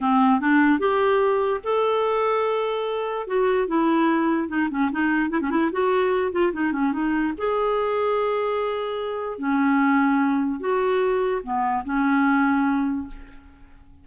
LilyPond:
\new Staff \with { instrumentName = "clarinet" } { \time 4/4 \tempo 4 = 147 c'4 d'4 g'2 | a'1 | fis'4 e'2 dis'8 cis'8 | dis'4 e'16 cis'16 e'8 fis'4. f'8 |
dis'8 cis'8 dis'4 gis'2~ | gis'2. cis'4~ | cis'2 fis'2 | b4 cis'2. | }